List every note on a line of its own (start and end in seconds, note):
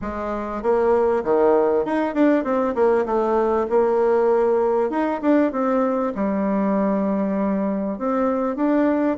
0.01 0.62 G#3
0.62 1.23 A#3
1.24 1.85 D#3
1.85 2.14 D#4
2.14 2.44 D4
2.44 2.74 C4
2.74 3.05 A#3
3.05 3.67 A3
3.69 4.90 A#3
4.90 5.20 D#4
5.21 5.51 D4
5.51 6.13 C4
6.14 7.98 G3
7.98 8.55 C4
8.55 9.17 D4